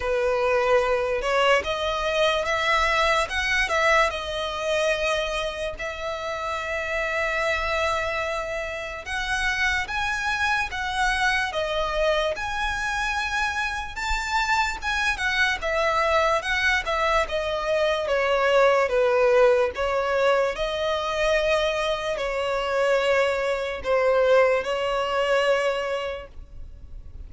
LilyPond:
\new Staff \with { instrumentName = "violin" } { \time 4/4 \tempo 4 = 73 b'4. cis''8 dis''4 e''4 | fis''8 e''8 dis''2 e''4~ | e''2. fis''4 | gis''4 fis''4 dis''4 gis''4~ |
gis''4 a''4 gis''8 fis''8 e''4 | fis''8 e''8 dis''4 cis''4 b'4 | cis''4 dis''2 cis''4~ | cis''4 c''4 cis''2 | }